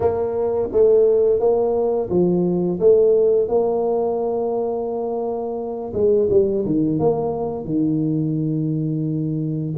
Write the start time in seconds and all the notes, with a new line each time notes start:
0.00 A#3
0.72 A3
1.39 A#3
2.09 F3
2.80 A3
3.48 A#3
5.93 G#3
6.30 G3
6.65 D#3
6.99 A#3
7.65 D#3